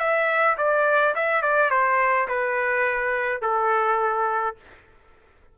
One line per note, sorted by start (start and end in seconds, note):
0.00 0.57 E5
0.58 1.15 D5
1.15 1.42 E5
1.42 1.70 D5
1.70 2.28 C5
2.28 3.42 B4
3.42 4.56 A4